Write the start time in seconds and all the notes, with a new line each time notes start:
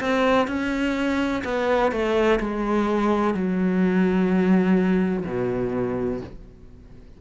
0.00 C4
0.48 C#4
1.44 B3
1.92 A3
2.40 G#3
3.34 F#3
5.26 B2